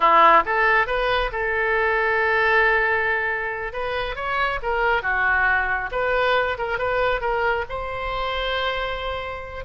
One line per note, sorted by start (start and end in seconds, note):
0.00 0.43 E4
0.45 0.87 A4
0.87 1.30 B4
1.31 3.72 A4
3.72 4.15 B4
4.15 4.59 C#5
4.62 5.02 A#4
5.02 5.90 F#4
5.91 6.57 B4
6.58 6.78 A#4
6.78 7.20 B4
7.20 7.64 A#4
7.69 9.65 C5